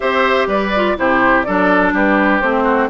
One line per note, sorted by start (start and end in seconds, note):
0.00 0.46 C4
0.00 0.71 G4
0.00 0.48 C5
0.00 0.48 E5
0.46 0.95 G3
0.46 0.96 B4
0.46 0.98 D5
0.75 0.96 F4
0.96 1.46 C3
0.96 1.45 E4
0.96 1.46 G4
0.96 1.43 C5
1.43 1.93 F#3
1.43 2.42 D4
1.43 1.93 A4
1.43 1.91 D5
1.93 2.41 G3
1.93 2.64 G4
1.93 2.41 B4
2.41 2.89 A3
2.41 2.89 C4
2.41 2.89 C5
2.64 2.88 F#4